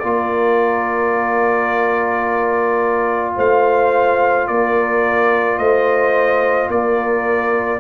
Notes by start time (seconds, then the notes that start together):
0.00 A#3 F4 A#4 D5
3.36 A3 C5 F5
4.48 A#3 A#4 D5
5.59 A3 C5 D#5
6.69 A#3 A#4 D5